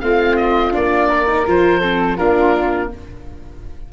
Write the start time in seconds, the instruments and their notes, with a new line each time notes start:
0.00 tuba A3, viola C4, flute F4, oboe F5
0.36 oboe D#5
0.72 tuba A#3, viola D4, oboe D5
1.08 flute A#4
1.27 viola D#4
1.46 tuba F3, viola F4, oboe C5
1.81 viola C4, flute A4
2.17 tuba A#3, viola D4, flute F4, oboe A#4